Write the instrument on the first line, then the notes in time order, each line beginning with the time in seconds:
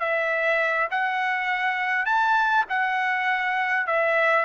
trumpet
0.00 E5
0.91 F#5
2.06 A5
2.70 F#5
3.87 E5